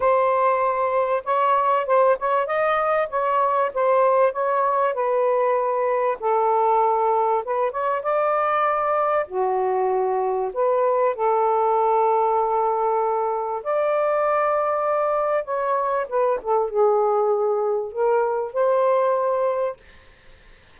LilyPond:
\new Staff \with { instrumentName = "saxophone" } { \time 4/4 \tempo 4 = 97 c''2 cis''4 c''8 cis''8 | dis''4 cis''4 c''4 cis''4 | b'2 a'2 | b'8 cis''8 d''2 fis'4~ |
fis'4 b'4 a'2~ | a'2 d''2~ | d''4 cis''4 b'8 a'8 gis'4~ | gis'4 ais'4 c''2 | }